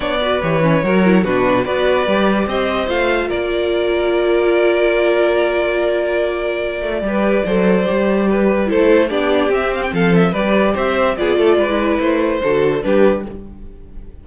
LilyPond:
<<
  \new Staff \with { instrumentName = "violin" } { \time 4/4 \tempo 4 = 145 d''4 cis''2 b'4 | d''2 dis''4 f''4 | d''1~ | d''1~ |
d''1~ | d''4 c''4 d''4 e''8 f''16 g''16 | f''8 e''8 d''4 e''4 d''4~ | d''4 c''2 b'4 | }
  \new Staff \with { instrumentName = "violin" } { \time 4/4 cis''8 b'4. ais'4 fis'4 | b'2 c''2 | ais'1~ | ais'1~ |
ais'4 b'4 c''2 | b'4 a'4 g'2 | a'4 b'4 c''4 gis'8 a'8 | b'2 a'4 g'4 | }
  \new Staff \with { instrumentName = "viola" } { \time 4/4 d'8 fis'8 g'8 cis'8 fis'8 e'8 d'4 | fis'4 g'2 f'4~ | f'1~ | f'1~ |
f'4 g'4 a'4 g'4~ | g'4 e'4 d'4 c'4~ | c'4 g'2 f'4~ | f'16 e'4.~ e'16 fis'4 d'4 | }
  \new Staff \with { instrumentName = "cello" } { \time 4/4 b4 e4 fis4 b,4 | b4 g4 c'4 a4 | ais1~ | ais1~ |
ais8 a8 g4 fis4 g4~ | g4 a4 b4 c'4 | f4 g4 c'4 b8 a8 | gis4 a4 d4 g4 | }
>>